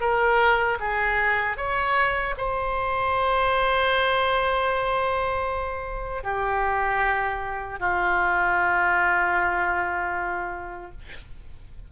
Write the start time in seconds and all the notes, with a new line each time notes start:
0.00 A#4
0.80 G#4
1.57 C#5
2.38 C5
6.23 G4
7.80 F4